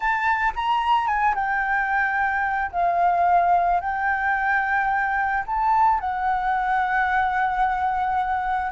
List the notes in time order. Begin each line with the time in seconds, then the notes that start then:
0.00 A5
0.55 A#5
1.07 G#5
1.34 G5
2.71 F5
3.80 G5
5.46 A5
6.00 F#5